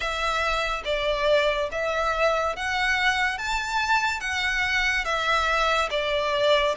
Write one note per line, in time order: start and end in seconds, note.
0.00 0.82 E5
0.85 1.69 D5
1.71 2.55 E5
2.55 3.38 F#5
3.38 4.20 A5
4.20 5.04 F#5
5.04 5.89 E5
5.90 6.75 D5